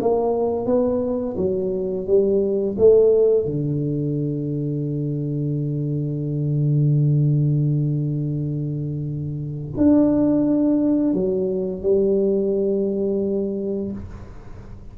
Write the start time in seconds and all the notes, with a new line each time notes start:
0.00 A#3
0.66 B3
1.37 F#3
2.07 G3
2.78 A3
3.45 D3
9.77 D4
11.14 F#3
11.82 G3